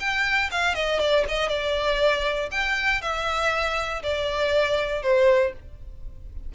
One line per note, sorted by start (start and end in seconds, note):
0.00 0.50 G5
0.52 0.75 F5
0.75 1.00 D#5
1.00 1.26 D5
1.29 1.49 D#5
1.49 2.50 D5
2.52 3.02 G5
3.02 4.03 E5
4.03 5.03 D5
5.03 5.53 C5